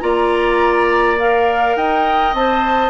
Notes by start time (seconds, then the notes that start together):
0.00 A#3 F4 D5 A#5
1.18 A#4 F5
1.75 D#4 D#5 G5
2.33 C4 C5 A5